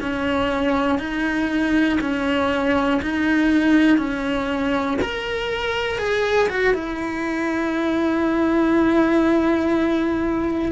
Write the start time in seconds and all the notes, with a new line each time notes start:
0.00 C#4
0.99 D#4
2.00 C#4
3.02 D#4
3.97 C#4
5.01 A#4
5.98 G#4
6.49 F#4
6.74 E4